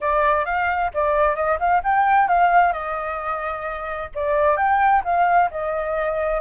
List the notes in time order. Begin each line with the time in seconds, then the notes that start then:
0.00 D5
0.45 F5
0.93 D5
1.35 D#5
1.59 F5
1.83 G5
2.28 F5
2.72 D#5
4.14 D5
4.56 G5
5.04 F5
5.50 D#5